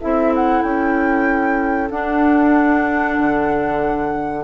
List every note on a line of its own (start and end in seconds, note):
0.00 0.64 C4
0.00 1.92 E4
0.00 4.45 A4
0.00 0.34 E5
0.36 0.63 F#5
0.63 1.91 C#4
0.63 1.90 G5
1.91 3.19 D4
1.91 4.45 D4
1.91 4.45 F#5
3.19 4.45 D3